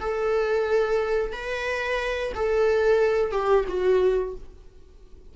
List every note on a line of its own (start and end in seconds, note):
0.00 1.32 A4
1.32 2.32 B4
2.35 3.32 A4
3.32 3.65 G4
3.68 4.35 F#4